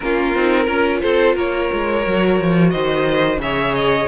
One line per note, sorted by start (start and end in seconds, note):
0.00 0.35 A#3
0.00 0.34 C#4
0.00 0.63 F4
0.00 1.01 A#4
0.35 0.67 C4
0.35 0.66 D#4
0.63 1.01 C#4
0.63 2.03 F4
0.63 0.98 A#4
1.01 1.36 C4
1.01 1.34 A4
1.01 1.35 C5
1.34 1.70 A#3
1.34 2.70 A#4
1.34 2.70 C#5
1.72 2.06 G#3
2.03 2.40 F#3
2.03 3.39 F#4
2.40 2.74 F3
2.70 3.37 D#3
2.70 3.40 C5
2.70 3.38 D#5
3.37 4.05 C#3
3.37 4.08 G#4
3.37 4.08 C#5
3.37 3.74 E5
3.74 4.08 D#5